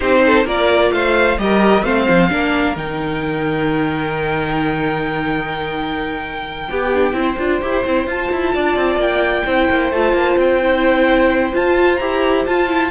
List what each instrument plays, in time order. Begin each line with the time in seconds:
0.00 cello C4, viola D#4, violin G4 C5
0.26 violin A4
0.44 cello A#3, viola F4, violin A#4 D5
0.91 cello A3, violin C5 F5
1.37 cello G3, viola G4, violin A#4 D#5
1.83 cello A3, viola C4, violin C5 F5
2.09 cello F3
2.29 cello A#3, viola D4, violin A#4
2.76 cello D#3, viola D#4, violin G5
6.69 cello B3, viola G4, violin G4
6.94 viola D4
7.12 cello C4, viola E4, violin C5
7.38 cello D4, viola F4
7.61 cello E4, viola G4
7.85 cello C4, viola E4
8.06 cello F4, viola F4, violin A5
8.31 cello E4
8.54 cello D4, violin D5
8.76 cello C4
8.96 cello A#3, violin G5
9.45 cello C4, viola E4, violin C5
9.69 cello A#3
9.91 cello A3, viola F4, violin A5
10.12 cello A#3
10.37 cello C4, violin G5
10.62 viola E4
11.52 viola F4, cello F4, violin A5
11.96 cello E4, viola G4, violin A#5
12.46 viola F4, cello F4, violin A5
12.68 viola E4